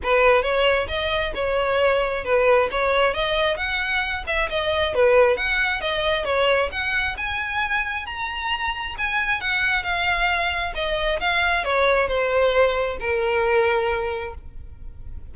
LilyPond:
\new Staff \with { instrumentName = "violin" } { \time 4/4 \tempo 4 = 134 b'4 cis''4 dis''4 cis''4~ | cis''4 b'4 cis''4 dis''4 | fis''4. e''8 dis''4 b'4 | fis''4 dis''4 cis''4 fis''4 |
gis''2 ais''2 | gis''4 fis''4 f''2 | dis''4 f''4 cis''4 c''4~ | c''4 ais'2. | }